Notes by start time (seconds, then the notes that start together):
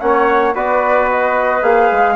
0.00 A#3 C#4 C#5 F#5
0.55 B3 F#4 B4 D5
1.10 D#5
1.62 A#3 G#4 F5
1.91 G#3